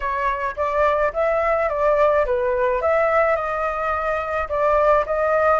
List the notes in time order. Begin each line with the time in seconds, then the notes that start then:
0.00 C#5
0.56 D5
1.13 E5
1.69 D5
2.25 B4
2.81 E5
3.35 D#5
4.48 D5
5.05 D#5